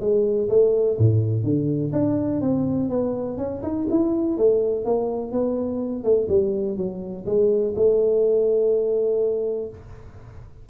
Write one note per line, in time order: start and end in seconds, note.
0.00 0.48 G#3
0.49 0.97 A3
0.98 1.44 A2
1.44 1.92 D3
1.92 2.41 D4
2.41 2.89 C4
2.89 3.37 B3
3.37 3.62 C#4
3.63 3.87 D#4
3.90 4.37 E4
4.37 4.85 A3
4.85 5.32 A#3
5.32 6.04 B3
6.04 6.28 A3
6.29 6.77 G3
6.77 7.26 F#3
7.26 7.74 G#3
7.76 9.69 A3